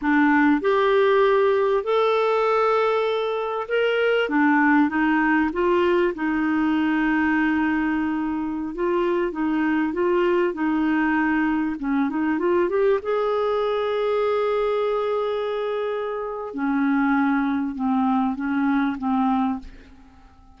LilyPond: \new Staff \with { instrumentName = "clarinet" } { \time 4/4 \tempo 4 = 98 d'4 g'2 a'4~ | a'2 ais'4 d'4 | dis'4 f'4 dis'2~ | dis'2~ dis'16 f'4 dis'8.~ |
dis'16 f'4 dis'2 cis'8 dis'16~ | dis'16 f'8 g'8 gis'2~ gis'8.~ | gis'2. cis'4~ | cis'4 c'4 cis'4 c'4 | }